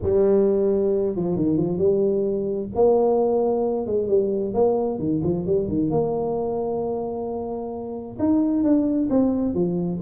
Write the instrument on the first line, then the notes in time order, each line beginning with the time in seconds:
tuba
0.02 G3
1.15 F3
1.35 D#3
1.57 F3
1.78 G3
2.75 A#3
3.86 G#3
4.08 G3
4.54 A#3
4.98 D#3
5.23 F3
5.46 G3
5.68 D#3
5.90 A#3
8.19 D#4
8.63 D4
9.10 C4
9.54 F3